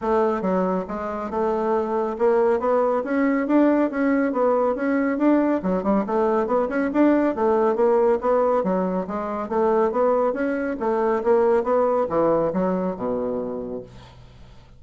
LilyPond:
\new Staff \with { instrumentName = "bassoon" } { \time 4/4 \tempo 4 = 139 a4 fis4 gis4 a4~ | a4 ais4 b4 cis'4 | d'4 cis'4 b4 cis'4 | d'4 fis8 g8 a4 b8 cis'8 |
d'4 a4 ais4 b4 | fis4 gis4 a4 b4 | cis'4 a4 ais4 b4 | e4 fis4 b,2 | }